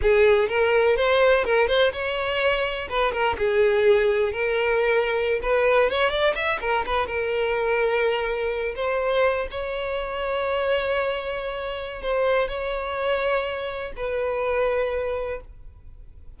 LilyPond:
\new Staff \with { instrumentName = "violin" } { \time 4/4 \tempo 4 = 125 gis'4 ais'4 c''4 ais'8 c''8 | cis''2 b'8 ais'8 gis'4~ | gis'4 ais'2~ ais'16 b'8.~ | b'16 cis''8 d''8 e''8 ais'8 b'8 ais'4~ ais'16~ |
ais'2~ ais'16 c''4. cis''16~ | cis''1~ | cis''4 c''4 cis''2~ | cis''4 b'2. | }